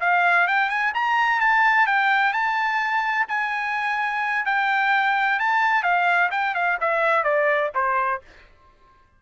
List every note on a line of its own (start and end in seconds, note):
0.00 0.47 F5
0.47 0.69 G5
0.69 0.92 G#5
0.94 1.40 A#5
1.40 1.86 A5
1.86 2.33 G5
2.33 3.26 A5
3.28 4.45 G#5
4.45 5.39 G5
5.39 5.83 A5
5.83 6.30 F5
6.31 6.54 G5
6.54 6.78 F5
6.80 7.24 E5
7.24 7.70 D5
7.74 8.21 C5